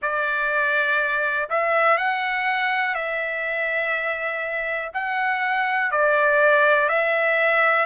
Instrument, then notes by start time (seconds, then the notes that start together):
trumpet
0.01 D5
1.49 E5
1.97 F#5
2.95 E5
4.93 F#5
5.91 D5
6.89 E5